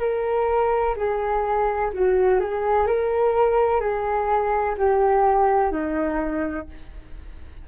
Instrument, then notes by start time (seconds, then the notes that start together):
flute
0.00 A#4
0.96 G#4
1.94 F#4
2.40 G#4
2.87 A#4
3.81 G#4
4.78 G4
5.72 D#4